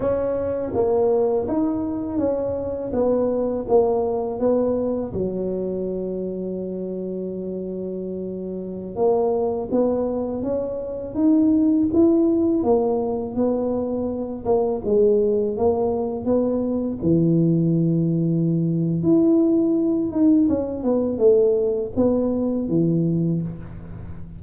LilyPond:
\new Staff \with { instrumentName = "tuba" } { \time 4/4 \tempo 4 = 82 cis'4 ais4 dis'4 cis'4 | b4 ais4 b4 fis4~ | fis1~ | fis16 ais4 b4 cis'4 dis'8.~ |
dis'16 e'4 ais4 b4. ais16~ | ais16 gis4 ais4 b4 e8.~ | e2 e'4. dis'8 | cis'8 b8 a4 b4 e4 | }